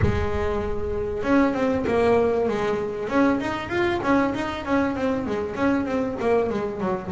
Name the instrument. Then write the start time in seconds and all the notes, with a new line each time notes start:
double bass
0.01 G#3
1.23 C#4
1.53 C4
1.87 A#3
2.48 G#3
3.08 C#4
3.40 D#4
3.69 F4
4.02 C#4
4.34 D#4
4.65 C#4
4.95 C4
5.26 G#3
5.55 C#4
5.85 C4
6.20 A#3
6.49 G#3
6.80 F#3